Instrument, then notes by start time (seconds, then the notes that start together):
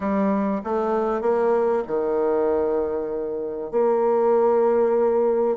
bassoon
0.00 G3
0.64 A3
1.21 A#3
1.87 D#3
3.71 A#3